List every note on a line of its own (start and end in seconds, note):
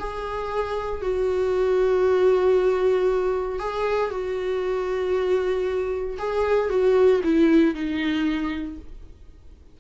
0.00 1.02 G#4
1.02 3.59 F#4
3.59 4.11 G#4
4.11 6.18 F#4
6.19 6.70 G#4
6.70 7.22 F#4
7.24 7.75 E4
7.75 8.78 D#4